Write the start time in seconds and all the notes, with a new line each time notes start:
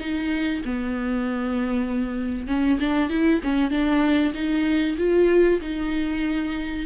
0.00 D#4
0.65 B3
2.48 C#4
2.80 D4
3.10 E4
3.44 C#4
3.71 D4
4.34 D#4
4.98 F4
5.62 D#4